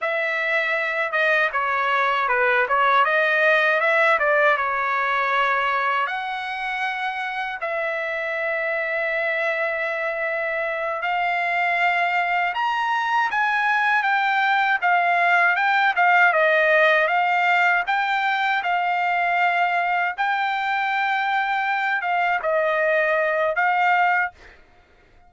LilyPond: \new Staff \with { instrumentName = "trumpet" } { \time 4/4 \tempo 4 = 79 e''4. dis''8 cis''4 b'8 cis''8 | dis''4 e''8 d''8 cis''2 | fis''2 e''2~ | e''2~ e''8 f''4.~ |
f''8 ais''4 gis''4 g''4 f''8~ | f''8 g''8 f''8 dis''4 f''4 g''8~ | g''8 f''2 g''4.~ | g''4 f''8 dis''4. f''4 | }